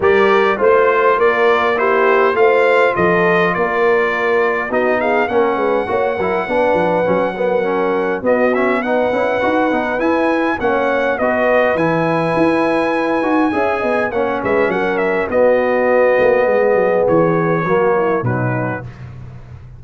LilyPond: <<
  \new Staff \with { instrumentName = "trumpet" } { \time 4/4 \tempo 4 = 102 d''4 c''4 d''4 c''4 | f''4 dis''4 d''2 | dis''8 f''8 fis''2.~ | fis''2 dis''8 e''8 fis''4~ |
fis''4 gis''4 fis''4 dis''4 | gis''1 | fis''8 e''8 fis''8 e''8 dis''2~ | dis''4 cis''2 b'4 | }
  \new Staff \with { instrumentName = "horn" } { \time 4/4 ais'4 c''4 ais'4 g'4 | c''4 a'4 ais'2 | fis'8 gis'8 ais'8 b'8 cis''8 ais'8 b'4~ | b'8 ais'4. fis'4 b'4~ |
b'2 cis''4 b'4~ | b'2. e''8 dis''8 | cis''8 b'8 ais'4 fis'2 | gis'2 fis'8 e'8 dis'4 | }
  \new Staff \with { instrumentName = "trombone" } { \time 4/4 g'4 f'2 e'4 | f'1 | dis'4 cis'4 fis'8 e'8 d'4 | cis'8 b8 cis'4 b8 cis'8 dis'8 e'8 |
fis'8 dis'8 e'4 cis'4 fis'4 | e'2~ e'8 fis'8 gis'4 | cis'2 b2~ | b2 ais4 fis4 | }
  \new Staff \with { instrumentName = "tuba" } { \time 4/4 g4 a4 ais2 | a4 f4 ais2 | b4 ais8 gis8 ais8 fis8 b8 f8 | fis2 b4. cis'8 |
dis'8 b8 e'4 ais4 b4 | e4 e'4. dis'8 cis'8 b8 | ais8 gis8 fis4 b4. ais8 | gis8 fis8 e4 fis4 b,4 | }
>>